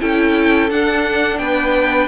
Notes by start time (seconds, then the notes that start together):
0.00 C#4 E4 A4 G5
0.70 D4 F#5
1.38 B3 B4 G5